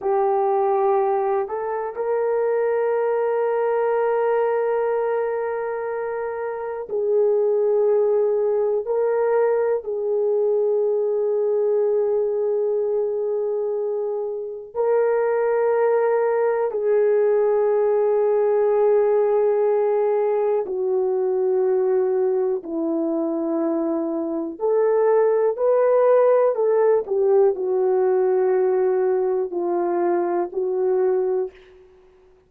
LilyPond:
\new Staff \with { instrumentName = "horn" } { \time 4/4 \tempo 4 = 61 g'4. a'8 ais'2~ | ais'2. gis'4~ | gis'4 ais'4 gis'2~ | gis'2. ais'4~ |
ais'4 gis'2.~ | gis'4 fis'2 e'4~ | e'4 a'4 b'4 a'8 g'8 | fis'2 f'4 fis'4 | }